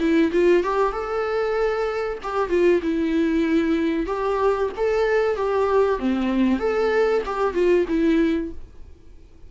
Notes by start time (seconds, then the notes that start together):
0.00 E4
0.32 F4
0.63 G4
0.92 A4
2.23 G4
2.49 F4
2.83 E4
4.07 G4
4.77 A4
5.37 G4
6.00 C4
6.59 A4
7.26 G4
7.54 F4
7.89 E4